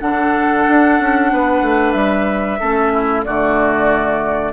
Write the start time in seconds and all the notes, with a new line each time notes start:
0.00 D3 D4 A4 F#5
0.68 D4
1.00 C#4
1.33 B3 B4
1.62 A3
1.92 G3 E5
2.60 A3 C#4 A4
2.93 E4
3.24 D3 A3 F#4 D5